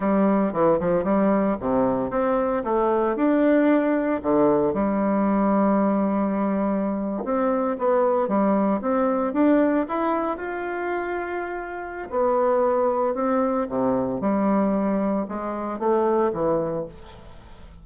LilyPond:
\new Staff \with { instrumentName = "bassoon" } { \time 4/4 \tempo 4 = 114 g4 e8 f8 g4 c4 | c'4 a4 d'2 | d4 g2.~ | g4.~ g16 c'4 b4 g16~ |
g8. c'4 d'4 e'4 f'16~ | f'2. b4~ | b4 c'4 c4 g4~ | g4 gis4 a4 e4 | }